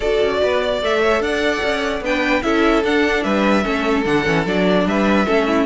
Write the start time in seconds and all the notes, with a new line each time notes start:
0.00 D4 F#4 A4 D5
0.21 C#4
0.42 B3 B4
0.61 D5
0.82 A3 A4 E5
1.02 C#5
1.20 D4 D5 F#5
1.62 C#4
2.01 B3 D4 B4 G5
2.42 C#4 E4 A4 E5
2.84 D4 F#5
3.23 G3 B4 E5
3.63 A3 C#4 A4
4.05 D3 D4 F#5
4.25 E3 C#4
4.45 F#3 D4 D5
4.85 G3 B4 E5
5.25 A3 C#4 A4
5.46 E4